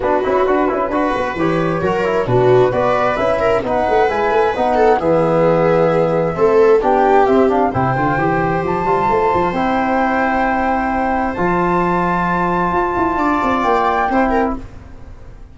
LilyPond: <<
  \new Staff \with { instrumentName = "flute" } { \time 4/4 \tempo 4 = 132 b'2. cis''4~ | cis''4 b'4 d''4 e''4 | fis''4 gis''4 fis''4 e''4~ | e''2. g''4 |
e''8 f''8 g''2 a''4~ | a''4 g''2.~ | g''4 a''2.~ | a''2 g''2 | }
  \new Staff \with { instrumentName = "viola" } { \time 4/4 fis'2 b'2 | ais'4 fis'4 b'4. ais'8 | b'2~ b'8 a'8 gis'4~ | gis'2 a'4 g'4~ |
g'4 c''2.~ | c''1~ | c''1~ | c''4 d''2 c''8 ais'8 | }
  \new Staff \with { instrumentName = "trombone" } { \time 4/4 d'8 e'8 fis'8 e'8 fis'4 g'4 | fis'8 e'8 d'4 fis'4 e'4 | dis'4 e'4 dis'4 b4~ | b2 c'4 d'4 |
c'8 d'8 e'8 f'8 g'4. f'8~ | f'4 e'2.~ | e'4 f'2.~ | f'2. e'4 | }
  \new Staff \with { instrumentName = "tuba" } { \time 4/4 b8 cis'8 d'8 cis'8 d'8 b8 e4 | fis4 b,4 b4 cis'4 | b8 a8 gis8 a8 b4 e4~ | e2 a4 b4 |
c'4 c8 d8 e4 f8 g8 | a8 f8 c'2.~ | c'4 f2. | f'8 e'8 d'8 c'8 ais4 c'4 | }
>>